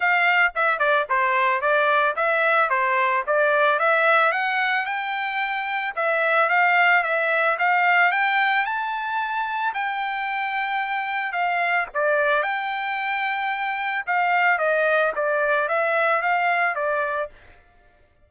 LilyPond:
\new Staff \with { instrumentName = "trumpet" } { \time 4/4 \tempo 4 = 111 f''4 e''8 d''8 c''4 d''4 | e''4 c''4 d''4 e''4 | fis''4 g''2 e''4 | f''4 e''4 f''4 g''4 |
a''2 g''2~ | g''4 f''4 d''4 g''4~ | g''2 f''4 dis''4 | d''4 e''4 f''4 d''4 | }